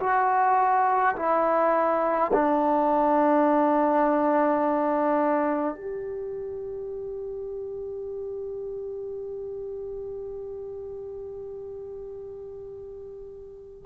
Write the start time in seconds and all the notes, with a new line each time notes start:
0.00 F#4
1.16 E4
2.33 D4
5.75 G4